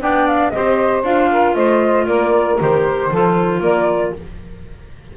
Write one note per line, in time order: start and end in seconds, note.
0.00 0.52 B3
0.00 0.52 D4
0.00 0.53 D5
0.00 0.27 G5
0.27 0.49 F5
0.49 1.03 C4
0.49 1.05 G4
0.49 1.31 C5
0.49 1.01 D#5
1.03 1.55 D4
1.03 2.59 F4
1.03 1.55 F5
1.31 1.56 A#4
1.55 2.07 A3
1.55 2.07 C5
1.55 2.06 D#5
2.07 2.59 A#3
2.07 3.11 A#4
2.07 2.58 D5
2.59 3.10 D#3
2.59 3.11 G4
2.59 3.62 C5
3.10 3.60 F3
3.10 4.16 F4
3.10 3.62 A4
3.60 4.12 A#3
3.60 4.13 A#4
3.60 4.14 D5